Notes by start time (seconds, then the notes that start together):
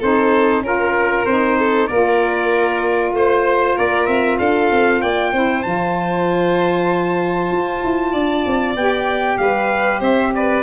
0.00 C4 D#4 A4 C5
0.62 C#4 F4 A#4
1.26 C4 D#4 C5
1.59 A4
1.88 A#3 F4 A#4 D5
3.12 A3 C5
3.76 A#3 A#4 D5
4.07 C4 E5
4.39 D4 A4 F5
4.72 C4
5.01 A#3 D5 G5
5.32 C4 E4 C5
5.63 F3 F4 A5
7.52 F4
7.84 E4
8.12 D4 D5
8.46 C4
8.76 B3 G4 G5
9.38 G3 B4 F5
10.00 C4 C5 E5
10.35 B4 D5